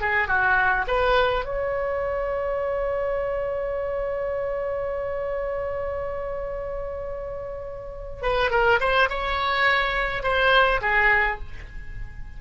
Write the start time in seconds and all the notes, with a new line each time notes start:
0.00 G#4
0.27 F#4
0.87 B4
1.45 C#5
8.22 B4
8.50 A#4
8.80 C5
9.09 C#5
10.22 C5
10.81 G#4